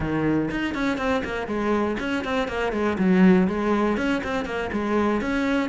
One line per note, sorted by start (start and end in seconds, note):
0.00 0.50 D#3
0.50 0.74 D#4
0.74 0.97 C#4
0.97 1.22 C4
1.24 1.47 A#3
1.47 1.96 G#3
1.99 2.24 C#4
2.24 2.47 C4
2.47 2.72 A#3
2.72 2.97 G#3
2.98 3.47 F#3
3.47 3.97 G#3
3.97 4.21 C#4
4.23 4.45 C4
4.45 4.69 A#3
4.72 5.21 G#3
5.21 5.69 C#4